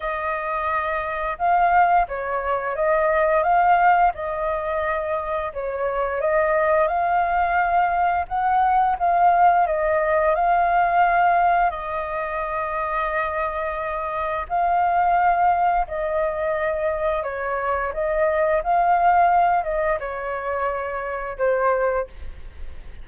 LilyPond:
\new Staff \with { instrumentName = "flute" } { \time 4/4 \tempo 4 = 87 dis''2 f''4 cis''4 | dis''4 f''4 dis''2 | cis''4 dis''4 f''2 | fis''4 f''4 dis''4 f''4~ |
f''4 dis''2.~ | dis''4 f''2 dis''4~ | dis''4 cis''4 dis''4 f''4~ | f''8 dis''8 cis''2 c''4 | }